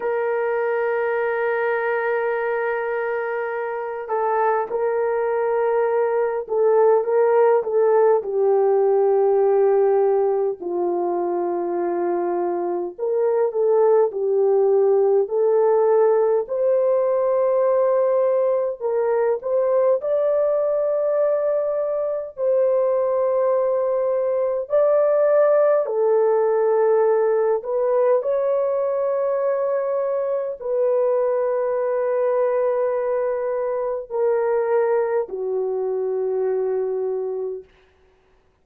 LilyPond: \new Staff \with { instrumentName = "horn" } { \time 4/4 \tempo 4 = 51 ais'2.~ ais'8 a'8 | ais'4. a'8 ais'8 a'8 g'4~ | g'4 f'2 ais'8 a'8 | g'4 a'4 c''2 |
ais'8 c''8 d''2 c''4~ | c''4 d''4 a'4. b'8 | cis''2 b'2~ | b'4 ais'4 fis'2 | }